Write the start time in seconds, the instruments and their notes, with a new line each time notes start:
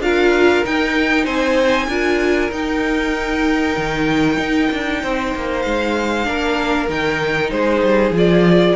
0.00 cello D4, viola F4, violin A#4 F5
0.65 viola D#4, cello D#4, violin G5
1.25 cello C4, violin C5 G#5
1.88 cello D4, viola F4, violin A#4
2.51 viola D#4, cello D#4, violin G5
3.77 cello D#3
4.38 cello D#4
4.72 cello D4
5.03 cello C4, violin C5
5.36 cello A#3
5.62 cello G#3, violin F5
6.25 cello A#3, viola D4, violin A#4
6.89 cello D#3, viola D#4, violin G5
7.50 cello G#3, violin G#4 C5
7.83 cello G3
8.11 cello F3, viola F4
8.18 violin D5